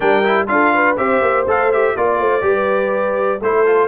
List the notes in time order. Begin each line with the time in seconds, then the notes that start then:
0.00 G3 D4 A#4 G5
0.24 E4
0.47 D4 F4 A4 F5
0.74 B4
0.97 C4 G4 C5 E5
1.21 A#3
1.46 A3 A4 F5
1.72 G4 E5
1.96 A#3 F4 D5
2.19 A3 C5
2.41 G3 G4 B4
3.40 A3 E4 A4 C5
3.66 F4